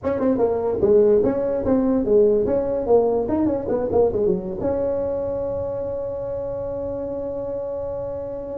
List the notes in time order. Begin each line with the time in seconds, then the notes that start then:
0.03 C#4
0.19 C4
0.37 A#3
0.81 G#3
1.23 C#4
1.65 C4
2.04 G#3
2.46 C#4
2.86 A#3
3.28 D#4
3.46 C#4
3.68 B3
3.91 A#3
4.12 G#3
4.26 F#3
4.60 C#4